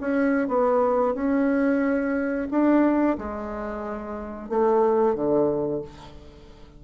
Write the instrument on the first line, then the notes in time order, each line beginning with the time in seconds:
bassoon
0.00 C#4
0.48 B3
1.14 C#4
2.50 D4
3.18 G#3
4.49 A3
5.15 D3